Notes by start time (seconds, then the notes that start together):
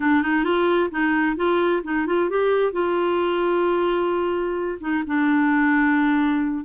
0.00 D4
0.22 D#4
0.44 F4
0.90 D#4
1.36 F4
1.83 D#4
2.06 F4
2.29 G4
2.72 F4
4.80 D#4
5.07 D4